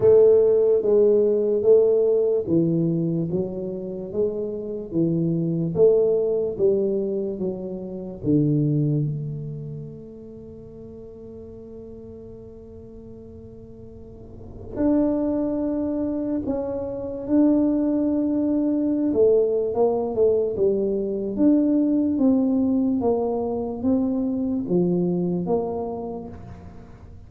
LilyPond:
\new Staff \with { instrumentName = "tuba" } { \time 4/4 \tempo 4 = 73 a4 gis4 a4 e4 | fis4 gis4 e4 a4 | g4 fis4 d4 a4~ | a1~ |
a2 d'2 | cis'4 d'2~ d'16 a8. | ais8 a8 g4 d'4 c'4 | ais4 c'4 f4 ais4 | }